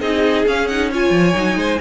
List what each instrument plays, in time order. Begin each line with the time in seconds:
0.00 cello C4, viola D#4, violin G#4 D#5
0.45 viola C#4, cello C#4, violin F5
0.67 viola D#4, violin F#5
0.90 viola F4, violin C#5 G#5
1.10 cello F3
1.33 cello F#3, viola D#4
1.56 cello G#3, violin C5